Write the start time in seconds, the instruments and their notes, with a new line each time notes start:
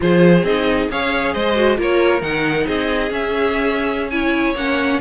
0.00 cello F3, viola F4, violin G#4 C5
0.43 cello C4, viola D#4, violin D#5
0.90 cello C#4, viola G#4, violin C#5 F5
1.33 cello G#3, violin C5 D#5
1.55 viola F#4
1.76 cello A#3, viola F4, violin A#4 C#5
2.21 cello D#3, viola D#4, violin F#5
2.66 cello C4, violin G#4 D#5
3.09 viola C#4, cello C#4, violin E5
4.10 viola E4, violin C#5 G#5
4.54 cello A#3, viola C#4, violin F#5